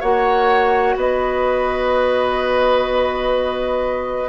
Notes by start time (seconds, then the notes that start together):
0.00 A#3 F#4 C#5 F#5
0.95 B3 B4 D#5